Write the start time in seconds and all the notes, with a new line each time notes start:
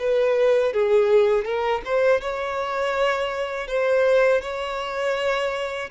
0.00 B4
0.74 G#4
1.45 A#4
1.86 C5
2.21 C#5
3.68 C5
4.42 C#5